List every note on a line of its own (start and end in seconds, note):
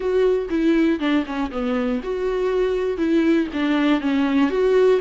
0.00 0.48 F#4
0.49 0.99 E4
0.99 1.24 D4
1.25 1.50 C#4
1.51 2.01 B3
2.03 2.97 F#4
2.97 3.47 E4
3.53 4.00 D4
4.00 4.50 C#4
4.50 5.00 F#4